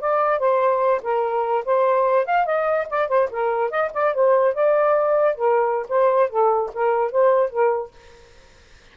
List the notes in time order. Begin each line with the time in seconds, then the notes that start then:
0.00 D5
0.39 C5
1.02 A#4
1.65 C5
2.25 F5
2.46 D#5
2.90 D5
3.08 C5
3.30 A#4
3.70 D#5
3.93 D5
4.14 C5
4.54 D5
5.35 A#4
5.88 C5
6.29 A4
6.73 A#4
7.11 C5
7.50 A#4